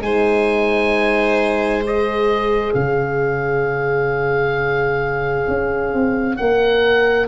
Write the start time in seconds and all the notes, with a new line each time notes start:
0.00 G#3 D#4 C5 G#5
1.84 G#4 D#5
2.74 C#3 C#5 F5
5.48 C#4
5.93 C4
6.37 A#3 A#4 F#5